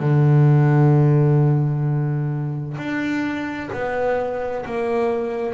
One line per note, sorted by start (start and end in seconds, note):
0.00 2.77 D3
2.77 3.70 D4
3.73 4.65 B3
4.66 5.54 A#3